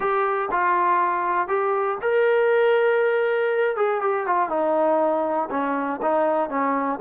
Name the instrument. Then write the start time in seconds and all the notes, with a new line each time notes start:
trombone
0.00 G4
0.51 F4
1.47 G4
2.01 A#4
3.76 G#4
4.01 G4
4.26 F4
4.49 D#4
5.50 C#4
6.01 D#4
6.49 C#4